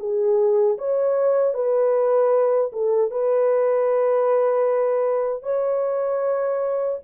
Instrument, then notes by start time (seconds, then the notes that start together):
horn
0.00 G#4
0.78 C#5
1.54 B4
2.73 A4
3.11 B4
5.43 C#5